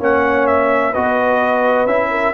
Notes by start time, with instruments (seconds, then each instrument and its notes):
0.00 tuba A#3, trombone C#4, horn C#5, trumpet F#5
0.47 trumpet E5
0.92 tuba B3, trombone F#4, horn B4, trumpet D#5
1.87 tuba C#4, trombone E4, trumpet E5
2.11 horn A#4